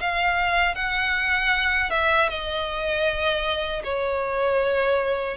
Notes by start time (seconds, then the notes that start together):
0.00 F5
0.75 F#5
1.90 E5
2.29 D#5
3.84 C#5